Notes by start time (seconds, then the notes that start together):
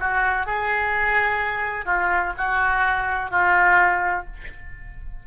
0.00 F#4
0.46 G#4
1.86 F4
2.38 F#4
3.31 F4